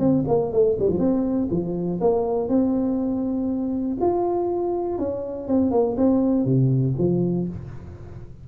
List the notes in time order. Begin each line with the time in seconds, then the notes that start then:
0.00 C4
0.28 A#3
0.53 A3
0.79 G3
0.88 F3
0.99 C4
1.51 F3
2.01 A#3
2.49 C4
4.01 F4
4.99 C#4
5.48 C4
5.71 A#3
5.97 C4
6.45 C3
6.99 F3